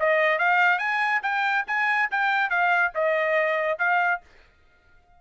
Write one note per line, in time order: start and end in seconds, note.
0.00 0.39 D#5
0.39 0.79 F5
0.79 1.21 G#5
1.23 1.65 G5
1.67 2.10 G#5
2.11 2.50 G5
2.50 2.92 F5
2.95 3.79 D#5
3.79 4.21 F5